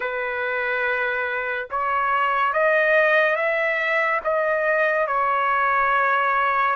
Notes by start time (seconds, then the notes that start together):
0.00 B4
1.70 C#5
2.53 D#5
3.36 E5
4.23 D#5
5.07 C#5